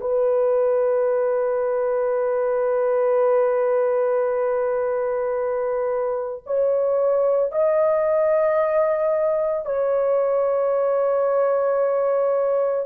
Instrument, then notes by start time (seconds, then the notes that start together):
horn
0.00 B4
6.46 C#5
7.51 D#5
9.65 C#5